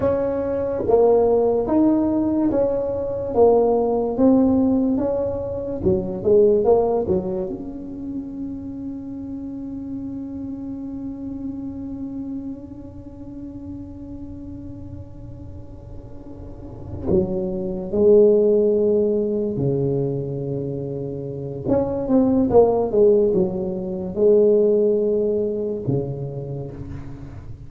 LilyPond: \new Staff \with { instrumentName = "tuba" } { \time 4/4 \tempo 4 = 72 cis'4 ais4 dis'4 cis'4 | ais4 c'4 cis'4 fis8 gis8 | ais8 fis8 cis'2.~ | cis'1~ |
cis'1~ | cis'8 fis4 gis2 cis8~ | cis2 cis'8 c'8 ais8 gis8 | fis4 gis2 cis4 | }